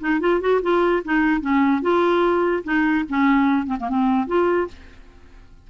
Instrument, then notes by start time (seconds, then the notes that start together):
clarinet
0.00 D#4
0.20 F4
0.40 F#4
0.62 F4
1.04 D#4
1.41 C#4
1.82 F4
2.64 D#4
3.09 C#4
3.66 C4
3.79 A#3
3.89 C4
4.27 F4